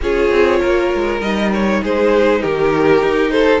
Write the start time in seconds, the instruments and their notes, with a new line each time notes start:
0.02 cello C#4, viola F4, violin G#4 C#5
0.30 cello C4
0.59 cello A#3, violin A#4
0.94 cello G#3
1.20 cello G3, viola D#4, violin D#5
1.53 violin C#5
1.82 cello G#3, violin G#4 C5
2.41 cello D#3, violin G4 A#4
3.02 cello D#4
3.31 violin A4 C5